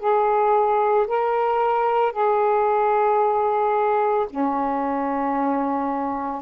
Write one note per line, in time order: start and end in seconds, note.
0.00 1.07 G#4
1.08 2.13 A#4
2.13 4.27 G#4
4.30 6.42 C#4